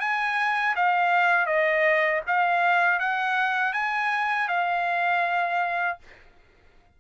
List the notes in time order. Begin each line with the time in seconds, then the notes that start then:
0.00 G#5
0.76 F5
1.46 D#5
2.27 F5
2.99 F#5
3.73 G#5
4.48 F5